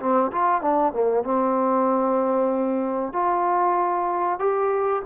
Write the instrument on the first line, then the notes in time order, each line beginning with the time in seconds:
trombone
0.00 C4
0.32 F4
0.62 D4
0.93 A#3
1.24 C4
3.13 F4
4.40 G4